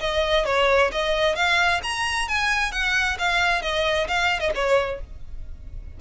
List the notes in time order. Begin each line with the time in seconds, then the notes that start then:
0.00 D#5
0.45 C#5
0.92 D#5
1.35 F5
1.83 A#5
2.28 G#5
2.72 F#5
3.18 F5
3.62 D#5
4.08 F5
4.39 D#5
4.55 C#5